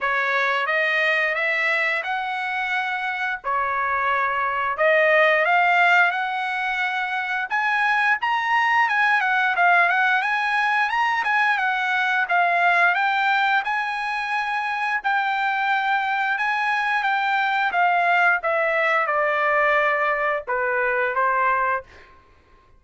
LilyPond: \new Staff \with { instrumentName = "trumpet" } { \time 4/4 \tempo 4 = 88 cis''4 dis''4 e''4 fis''4~ | fis''4 cis''2 dis''4 | f''4 fis''2 gis''4 | ais''4 gis''8 fis''8 f''8 fis''8 gis''4 |
ais''8 gis''8 fis''4 f''4 g''4 | gis''2 g''2 | gis''4 g''4 f''4 e''4 | d''2 b'4 c''4 | }